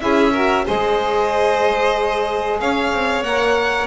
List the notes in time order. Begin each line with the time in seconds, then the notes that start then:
0.00 C#4 E4 G#4 E5
0.33 F#4 A#4
0.65 G#3 G#4 C5 D#5
2.60 C#4 C#5 F5
2.93 C4
3.22 A#3 A#4 F#5